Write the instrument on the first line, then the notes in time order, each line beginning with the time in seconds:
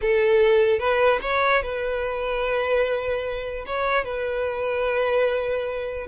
violin
0.01 A4
0.79 B4
1.21 C#5
1.62 B4
3.66 C#5
4.04 B4